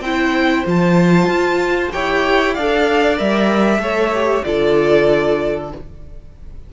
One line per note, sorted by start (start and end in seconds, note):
0.00 0.63 C4
0.00 0.65 E4
0.00 1.92 C5
0.00 0.64 G5
0.65 1.26 F3
0.65 1.91 F4
0.65 1.92 A5
1.26 1.90 F4
1.92 2.58 E4
1.92 2.56 G4
1.92 2.54 C#5
1.92 2.54 G5
2.54 3.20 D4
2.54 3.16 A4
2.54 3.81 D5
2.54 3.17 F5
3.16 3.78 G3
3.16 3.79 A#4
3.16 4.44 E5
3.78 4.41 A3
3.78 4.12 A4
3.78 4.45 C#5
4.14 4.44 G4
4.44 5.72 D3
4.44 5.71 F4
4.44 5.73 A4
4.44 5.70 D5